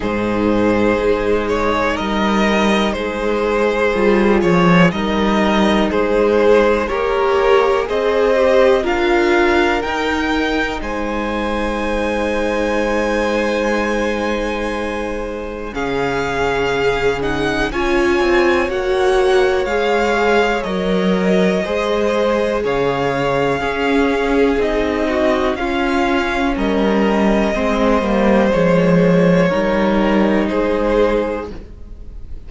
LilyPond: <<
  \new Staff \with { instrumentName = "violin" } { \time 4/4 \tempo 4 = 61 c''4. cis''8 dis''4 c''4~ | c''8 cis''8 dis''4 c''4 ais'4 | dis''4 f''4 g''4 gis''4~ | gis''1 |
f''4. fis''8 gis''4 fis''4 | f''4 dis''2 f''4~ | f''4 dis''4 f''4 dis''4~ | dis''4 cis''2 c''4 | }
  \new Staff \with { instrumentName = "violin" } { \time 4/4 gis'2 ais'4 gis'4~ | gis'4 ais'4 gis'4 cis''4 | c''4 ais'2 c''4~ | c''1 |
gis'2 cis''2~ | cis''2 c''4 cis''4 | gis'4. fis'8 f'4 ais'4 | c''2 ais'4 gis'4 | }
  \new Staff \with { instrumentName = "viola" } { \time 4/4 dis'1 | f'4 dis'2 g'4 | gis'8 g'8 f'4 dis'2~ | dis'1 |
cis'4. dis'8 f'4 fis'4 | gis'4 ais'4 gis'2 | cis'4 dis'4 cis'2 | c'8 ais8 gis4 dis'2 | }
  \new Staff \with { instrumentName = "cello" } { \time 4/4 gis,4 gis4 g4 gis4 | g8 f8 g4 gis4 ais4 | c'4 d'4 dis'4 gis4~ | gis1 |
cis2 cis'8 c'8 ais4 | gis4 fis4 gis4 cis4 | cis'4 c'4 cis'4 g4 | gis8 g8 f4 g4 gis4 | }
>>